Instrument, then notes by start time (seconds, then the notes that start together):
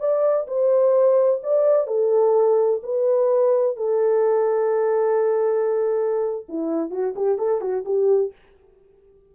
horn
0.00 D5
0.48 C5
1.43 D5
1.87 A4
2.83 B4
3.77 A4
6.49 E4
6.91 F#4
7.16 G4
7.38 A4
7.61 F#4
7.86 G4